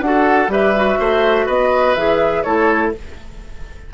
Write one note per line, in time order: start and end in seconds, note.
0.00 0.47 D4
0.00 0.49 F#4
0.00 0.49 F#5
0.07 0.52 A4
0.47 0.96 G3
0.47 0.73 G4
0.47 0.99 B4
0.47 1.48 E5
0.76 1.97 F#4
0.99 1.47 A3
0.99 1.46 C5
1.46 1.96 B3
1.46 2.43 B4
1.46 1.94 D#5
1.94 2.44 E3
1.94 2.45 G#4
1.94 2.43 E5
2.43 2.94 A3
2.43 2.93 E4
2.43 2.93 A4
2.43 2.91 C#5